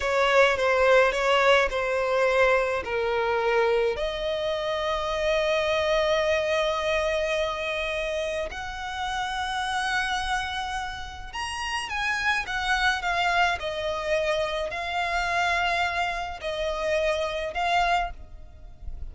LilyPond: \new Staff \with { instrumentName = "violin" } { \time 4/4 \tempo 4 = 106 cis''4 c''4 cis''4 c''4~ | c''4 ais'2 dis''4~ | dis''1~ | dis''2. fis''4~ |
fis''1 | ais''4 gis''4 fis''4 f''4 | dis''2 f''2~ | f''4 dis''2 f''4 | }